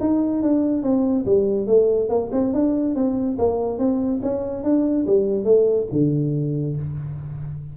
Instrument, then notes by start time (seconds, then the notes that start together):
tuba
0.00 D#4
0.42 D4
0.83 C4
1.26 G3
1.67 A3
2.09 A#3
2.32 C4
2.53 D4
2.95 C4
3.39 A#3
3.78 C4
4.23 C#4
4.64 D4
5.06 G3
5.44 A3
5.92 D3